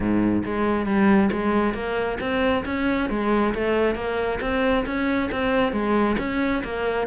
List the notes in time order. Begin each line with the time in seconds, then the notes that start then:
0.00 G#2
0.44 G#3
0.86 G3
1.32 G#3
1.73 A#3
2.20 C4
2.65 C#4
3.09 G#3
3.54 A3
3.95 A#3
4.41 C4
4.85 C#4
5.31 C4
5.72 G#3
6.18 C#4
6.63 A#3